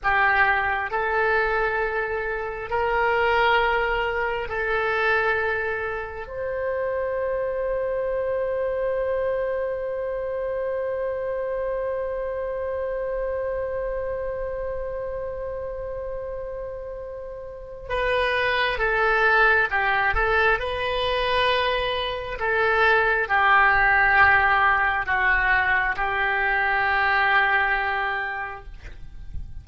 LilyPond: \new Staff \with { instrumentName = "oboe" } { \time 4/4 \tempo 4 = 67 g'4 a'2 ais'4~ | ais'4 a'2 c''4~ | c''1~ | c''1~ |
c''1 | b'4 a'4 g'8 a'8 b'4~ | b'4 a'4 g'2 | fis'4 g'2. | }